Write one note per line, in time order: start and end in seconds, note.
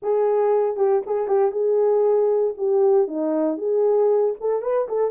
0.02 0.76 G#4
0.76 1.01 G4
1.06 1.27 G#4
1.27 1.51 G4
1.51 2.54 G#4
2.57 3.07 G4
3.07 3.57 D#4
3.57 4.34 G#4
4.40 4.62 A4
4.62 4.87 B4
4.88 5.10 A4